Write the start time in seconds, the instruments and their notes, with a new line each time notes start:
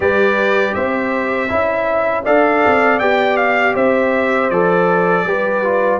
0.00 tuba G3, trombone G4, horn B4, trumpet D5
0.74 tuba C4, horn C5, trumpet E5
1.48 tuba C#4, trombone E4, horn E5
2.24 tuba D4, trombone A4, horn D5, trumpet F5
2.66 tuba C4
2.99 tuba B3, trombone G4, trumpet G5
3.36 trumpet F5
3.74 tuba C4, horn C5, trumpet E5
4.50 tuba F3, trombone A4, trumpet D5
5.24 tuba G3, trombone G4, horn B4
5.64 trombone F4